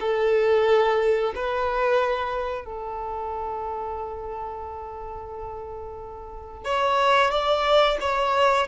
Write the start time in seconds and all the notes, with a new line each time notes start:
0.00 A4
1.35 B4
2.65 A4
6.65 C#5
7.31 D5
8.01 C#5